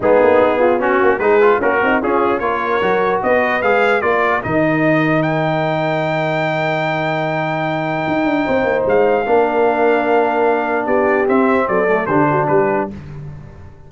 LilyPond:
<<
  \new Staff \with { instrumentName = "trumpet" } { \time 4/4 \tempo 4 = 149 gis'2 fis'4 b'4 | ais'4 gis'4 cis''2 | dis''4 f''4 d''4 dis''4~ | dis''4 g''2.~ |
g''1~ | g''2 f''2~ | f''2. d''4 | e''4 d''4 c''4 b'4 | }
  \new Staff \with { instrumentName = "horn" } { \time 4/4 dis'4. f'8 fis'4 gis'4 | cis'8 dis'8 f'4 ais'2 | b'2 ais'2~ | ais'1~ |
ais'1~ | ais'4 c''2 ais'4~ | ais'2. g'4~ | g'4 a'4 g'8 fis'8 g'4 | }
  \new Staff \with { instrumentName = "trombone" } { \time 4/4 b2 cis'4 dis'8 f'8 | fis'4 cis'4 f'4 fis'4~ | fis'4 gis'4 f'4 dis'4~ | dis'1~ |
dis'1~ | dis'2. d'4~ | d'1 | c'4. a8 d'2 | }
  \new Staff \with { instrumentName = "tuba" } { \time 4/4 gis8 ais8 b4. ais8 gis4 | ais8 c'8 cis'4 ais4 fis4 | b4 gis4 ais4 dis4~ | dis1~ |
dis1 | dis'8 d'8 c'8 ais8 gis4 ais4~ | ais2. b4 | c'4 fis4 d4 g4 | }
>>